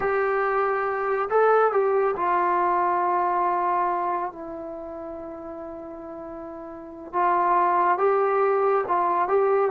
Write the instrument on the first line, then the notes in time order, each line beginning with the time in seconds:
trombone
0.00 G4
1.29 A4
1.71 G4
2.16 F4
4.32 E4
7.13 F4
7.98 G4
8.87 F4
9.27 G4